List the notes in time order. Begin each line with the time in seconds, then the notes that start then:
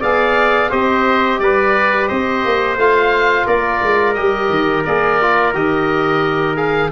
0.00 B3 G#4 D5 F5
0.70 C4 G4 C5 D#5
1.39 G3 B4 D5
2.08 C4 C5 D#5
2.45 A#3
2.76 A3 F4 F5
3.46 A#3 A#4 D5
3.82 G#3
4.14 G3 G4 D#5
4.49 D#3
4.85 A#3 G#4 D5
5.21 F4
5.53 D#3 G4 D#5
6.56 G#4 F5